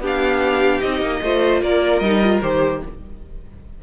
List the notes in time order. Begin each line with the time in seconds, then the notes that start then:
0.00 B3 D4 G4
0.07 F5
0.81 C4 D#4 D#5
1.01 A#3
1.22 A3 F4 C5
1.62 A#3 A#4 D5
2.00 G3 D#4 D#5
2.23 F4
2.42 D#3 G4 C5